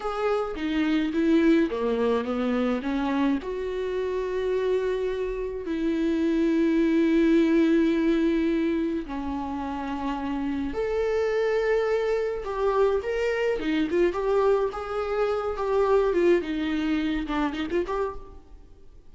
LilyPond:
\new Staff \with { instrumentName = "viola" } { \time 4/4 \tempo 4 = 106 gis'4 dis'4 e'4 ais4 | b4 cis'4 fis'2~ | fis'2 e'2~ | e'1 |
cis'2. a'4~ | a'2 g'4 ais'4 | dis'8 f'8 g'4 gis'4. g'8~ | g'8 f'8 dis'4. d'8 dis'16 f'16 g'8 | }